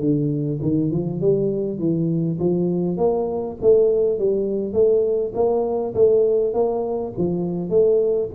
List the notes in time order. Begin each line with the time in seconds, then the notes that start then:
0.00 D3
0.62 D#3
0.92 F3
1.21 G3
1.79 E3
2.39 F3
2.97 A#3
3.62 A3
4.19 G3
4.73 A3
5.35 A#3
5.94 A3
6.53 A#3
7.18 F3
7.70 A3